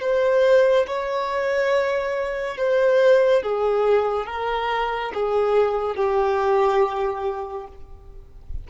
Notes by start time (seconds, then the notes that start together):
0.00 C5
0.86 C#5
2.57 C5
3.42 G#4
4.26 A#4
5.13 G#4
5.96 G4